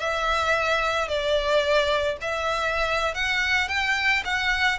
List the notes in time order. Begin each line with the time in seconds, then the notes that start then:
0.00 E5
1.08 D5
2.21 E5
3.15 F#5
3.69 G5
4.25 F#5